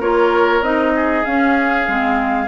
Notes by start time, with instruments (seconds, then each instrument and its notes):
0.00 bassoon A#3, clarinet F4, oboe A#4, flute C#5
0.61 bassoon C4, clarinet D#4, flute D#5
0.96 oboe G#4
1.25 clarinet C#4, bassoon C#4, flute F5
1.88 bassoon G#3, clarinet C4